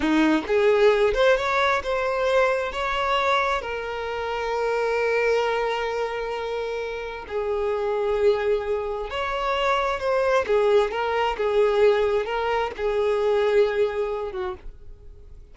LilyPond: \new Staff \with { instrumentName = "violin" } { \time 4/4 \tempo 4 = 132 dis'4 gis'4. c''8 cis''4 | c''2 cis''2 | ais'1~ | ais'1 |
gis'1 | cis''2 c''4 gis'4 | ais'4 gis'2 ais'4 | gis'2.~ gis'8 fis'8 | }